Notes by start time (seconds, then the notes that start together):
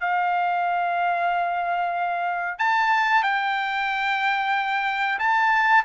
0.00 F5
2.58 A5
3.23 G5
5.18 A5